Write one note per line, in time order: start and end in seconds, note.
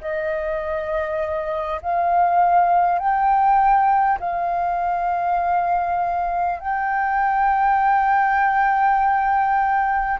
0.00 1.80 D#5
1.82 2.98 F5
2.98 4.18 G5
4.19 6.59 F5
6.59 10.19 G5